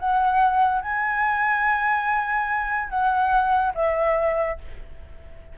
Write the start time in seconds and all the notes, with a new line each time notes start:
0.00 F#5
0.82 G#5
2.90 F#5
3.75 E5